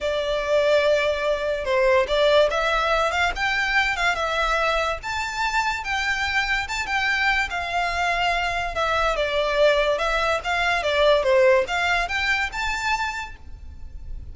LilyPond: \new Staff \with { instrumentName = "violin" } { \time 4/4 \tempo 4 = 144 d''1 | c''4 d''4 e''4. f''8 | g''4. f''8 e''2 | a''2 g''2 |
a''8 g''4. f''2~ | f''4 e''4 d''2 | e''4 f''4 d''4 c''4 | f''4 g''4 a''2 | }